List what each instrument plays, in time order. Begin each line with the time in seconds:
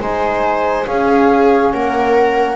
0.00 double bass G#3, trombone D#4, viola C5, flute G#5
0.86 trombone C#4, double bass C#4, viola G#4, flute F5
1.72 double bass A#3, viola A#4, flute F#5